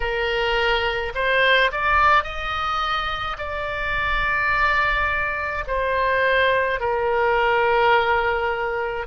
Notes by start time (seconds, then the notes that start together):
0.00 A#4
1.14 C5
1.71 D5
2.23 D#5
3.38 D5
5.67 C5
6.79 A#4